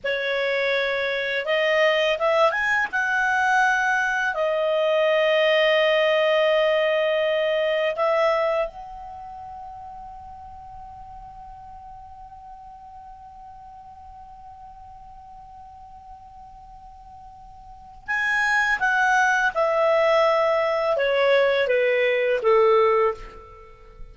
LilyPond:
\new Staff \with { instrumentName = "clarinet" } { \time 4/4 \tempo 4 = 83 cis''2 dis''4 e''8 gis''8 | fis''2 dis''2~ | dis''2. e''4 | fis''1~ |
fis''1~ | fis''1~ | fis''4 gis''4 fis''4 e''4~ | e''4 cis''4 b'4 a'4 | }